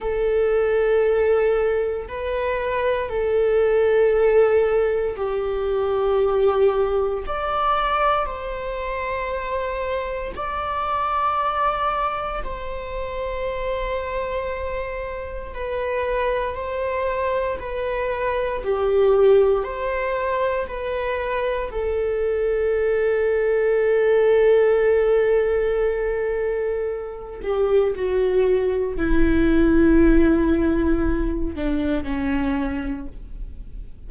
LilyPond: \new Staff \with { instrumentName = "viola" } { \time 4/4 \tempo 4 = 58 a'2 b'4 a'4~ | a'4 g'2 d''4 | c''2 d''2 | c''2. b'4 |
c''4 b'4 g'4 c''4 | b'4 a'2.~ | a'2~ a'8 g'8 fis'4 | e'2~ e'8 d'8 cis'4 | }